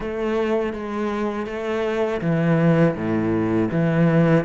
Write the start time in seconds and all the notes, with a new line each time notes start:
0.00 A3
0.73 G#3
1.46 A3
2.21 E3
2.95 A2
3.71 E3